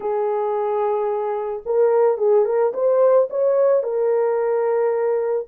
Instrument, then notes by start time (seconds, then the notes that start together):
horn
0.00 G#4
1.65 A#4
2.17 G#4
2.45 A#4
2.73 C5
3.30 C#5
3.83 A#4